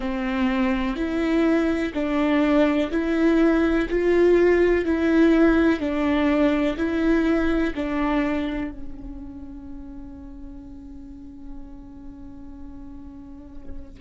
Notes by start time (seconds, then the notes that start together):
0.00 C4
0.95 E4
1.94 D4
2.91 E4
3.89 F4
4.85 E4
5.79 D4
6.77 E4
7.75 D4
8.71 C#4